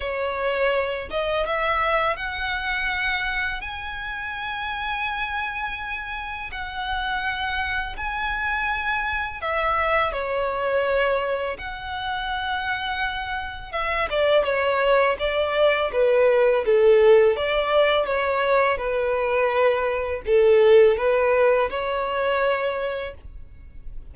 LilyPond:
\new Staff \with { instrumentName = "violin" } { \time 4/4 \tempo 4 = 83 cis''4. dis''8 e''4 fis''4~ | fis''4 gis''2.~ | gis''4 fis''2 gis''4~ | gis''4 e''4 cis''2 |
fis''2. e''8 d''8 | cis''4 d''4 b'4 a'4 | d''4 cis''4 b'2 | a'4 b'4 cis''2 | }